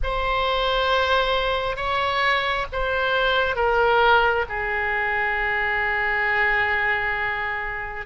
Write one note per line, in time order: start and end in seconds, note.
0.03 1.76 C5
1.76 2.65 C#5
2.72 3.55 C5
3.55 4.45 A#4
4.48 8.06 G#4